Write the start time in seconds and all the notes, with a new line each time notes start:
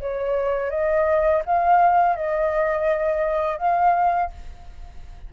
0.00 C#5
0.70 D#5
1.45 F5
2.16 D#5
3.58 F5